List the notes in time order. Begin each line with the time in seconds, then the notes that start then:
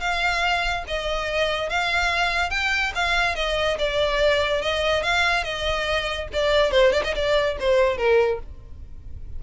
0.00 F5
0.87 D#5
1.69 F5
2.50 G5
2.95 F5
3.35 D#5
3.78 D5
4.62 D#5
5.03 F5
5.44 D#5
6.32 D5
6.71 C5
6.92 D5
7.04 D#5
7.15 D5
7.60 C5
7.97 A#4